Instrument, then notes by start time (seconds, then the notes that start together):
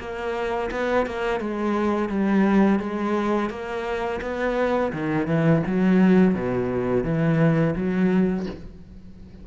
cello
0.00 A#3
0.71 B3
1.07 A#3
1.41 G#3
2.09 G3
2.80 G#3
3.50 A#3
4.22 B3
4.93 D#3
5.27 E3
5.67 F#3
6.35 B2
7.04 E3
7.76 F#3